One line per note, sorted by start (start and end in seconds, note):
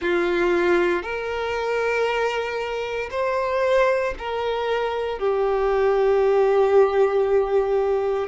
0.00 1.03 F4
1.03 3.09 A#4
3.10 4.14 C5
4.18 5.18 A#4
5.18 8.28 G4